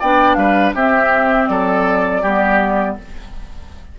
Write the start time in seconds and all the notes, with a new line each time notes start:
0.00 B3 D4 D5 G5
0.35 G3 B4 F5
0.75 C4 G4 E5
1.48 F#3 A4 D5
2.23 G3 B3 G4